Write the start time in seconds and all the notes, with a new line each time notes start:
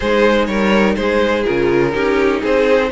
0.00 G#3 D#4 G#4 C5
0.45 G3 A#4 C#5
0.95 G#3 G#4 C5
1.45 C#3 F4 A#4
1.91 C#4 D#4 G4
2.41 C4 G#4 C5